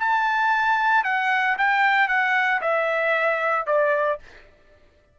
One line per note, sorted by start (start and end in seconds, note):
0.00 1.05 A5
1.05 1.57 F#5
1.58 2.09 G5
2.09 2.61 F#5
2.62 3.67 E5
3.67 4.20 D5